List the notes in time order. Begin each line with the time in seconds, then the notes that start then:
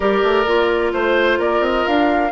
0.00 G3 G4 A#4 D5
0.23 A3
0.45 A#3 F4
0.92 A3 C5
1.38 A#3 A#4 D5
1.60 C4 D#5
1.86 D4 F5